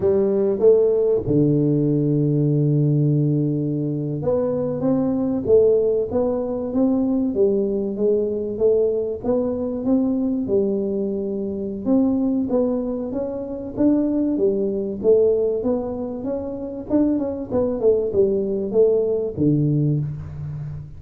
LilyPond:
\new Staff \with { instrumentName = "tuba" } { \time 4/4 \tempo 4 = 96 g4 a4 d2~ | d2~ d8. b4 c'16~ | c'8. a4 b4 c'4 g16~ | g8. gis4 a4 b4 c'16~ |
c'8. g2~ g16 c'4 | b4 cis'4 d'4 g4 | a4 b4 cis'4 d'8 cis'8 | b8 a8 g4 a4 d4 | }